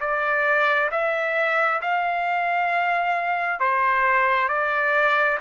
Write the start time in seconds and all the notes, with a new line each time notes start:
0.00 D5
0.91 E5
1.81 F5
3.59 C5
4.48 D5